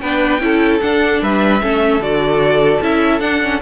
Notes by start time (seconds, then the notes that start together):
0.00 B3 D4 B4 G5
0.40 C#4 E4 A4
0.81 D4 F#5
1.22 G3 B4 E5
1.61 A3 C#4 A4
1.99 D3 F#4 D5
2.81 C#4 E4 E5
3.20 D4 F#5
3.42 C#4